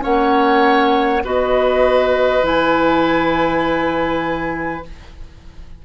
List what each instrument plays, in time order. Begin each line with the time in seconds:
0.00 bassoon A#3, clarinet C#4, oboe C#5, flute F#5
1.24 bassoon B3, clarinet F#4, oboe B4, flute D#5
2.42 bassoon E3, clarinet E4, flute G#5